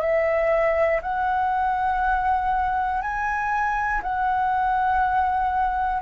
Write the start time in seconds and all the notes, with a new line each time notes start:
0.00 E5
1.02 F#5
3.01 G#5
4.02 F#5